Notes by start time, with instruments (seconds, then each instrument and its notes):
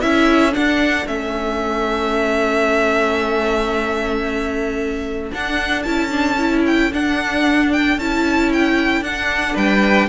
0.00 cello C#4, viola E4, violin A4 E5
0.51 viola D4, cello D4, violin F#5
1.06 cello A3, viola C#4, violin E5
5.31 viola D4, cello D4, violin F#5
5.82 cello C#4, viola E4, violin A5
6.10 viola D4
6.38 viola E4
6.66 violin G5
6.92 cello D4, viola D4, violin F#5
7.72 violin G5
7.97 cello C#4, viola E4, violin A5
8.52 violin G5
9.01 cello D4, viola D4, violin F#5
9.54 cello G3, violin B4 G5